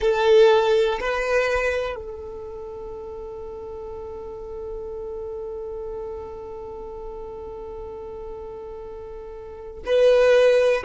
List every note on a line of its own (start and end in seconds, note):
0.00 0.99 A4
1.00 1.95 B4
1.95 9.82 A4
9.85 10.83 B4